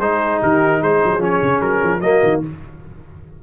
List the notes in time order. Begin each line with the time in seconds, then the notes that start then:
0.00 G#3 D#4 G#4 C5
0.41 D#3 G4 A#4
0.81 G#3 G#4 C5
1.05 F#3
1.19 F3 C#4 C#5
1.42 C#3
1.61 F#3 A#4
1.84 F3
2.00 F#3 A#3 F#4 D#5
2.23 D#3